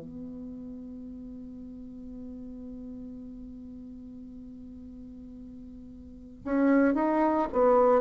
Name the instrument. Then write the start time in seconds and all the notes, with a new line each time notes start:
bassoon
0.00 B3
6.44 C#4
6.94 D#4
7.52 B3